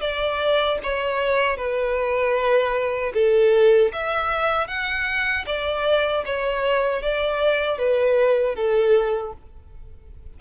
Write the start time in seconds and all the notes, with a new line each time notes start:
0.00 D5
0.83 C#5
1.57 B4
3.13 A4
3.92 E5
4.67 F#5
5.46 D5
6.25 C#5
7.02 D5
7.78 B4
8.55 A4